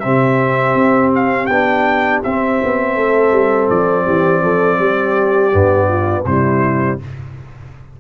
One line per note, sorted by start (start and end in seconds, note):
0.00 0.75 C3
0.00 1.49 C4
0.00 2.95 G4
0.00 1.10 E5
0.75 1.48 C4
1.15 1.46 F5
1.46 2.22 B3
1.46 2.24 D4
1.46 2.19 G5
2.23 2.62 C4
2.23 5.51 C4
2.23 3.69 E5
2.63 2.97 B3
2.95 3.32 A3
2.95 4.05 A4
3.32 3.68 G3
3.69 4.07 F3
3.69 6.25 D5
4.06 4.42 E3
4.06 4.42 G4
4.42 4.79 F3
4.42 4.80 A4
4.79 5.52 G3
4.79 5.88 G4
5.51 6.26 G2
5.51 6.25 B3
5.88 6.25 F4
6.26 6.99 C3
6.26 7.00 G3
6.26 7.00 E4
6.26 6.99 C5